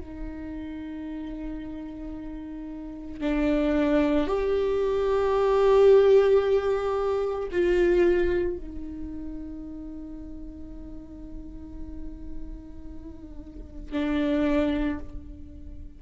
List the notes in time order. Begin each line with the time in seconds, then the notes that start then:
0.00 D#4
3.21 D4
4.27 G4
7.51 F4
8.57 D#4
13.92 D4